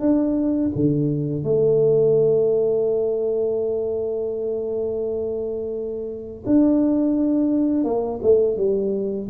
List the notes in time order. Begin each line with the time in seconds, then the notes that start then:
0.00 D4
0.76 D3
1.44 A3
6.46 D4
7.84 A#3
8.23 A3
8.57 G3